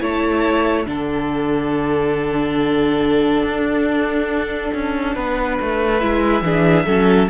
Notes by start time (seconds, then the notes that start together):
0.00 A3 E4 C#5 A5
0.86 D3 D4 A4 F#5
3.43 D4
4.74 C#4
5.15 B3 B4
5.62 A3
6.00 G#3 E4 E5
6.42 E3 D4 G#4
6.86 F#3 C#4 A4